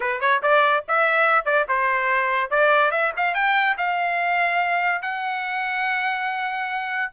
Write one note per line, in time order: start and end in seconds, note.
0.00 0.20 B4
0.20 0.41 C#5
0.42 0.84 D5
0.88 1.45 E5
1.45 1.66 D5
1.68 2.50 C5
2.50 2.91 D5
2.91 3.12 E5
3.17 3.34 F5
3.34 3.76 G5
3.77 5.02 F5
5.02 7.11 F#5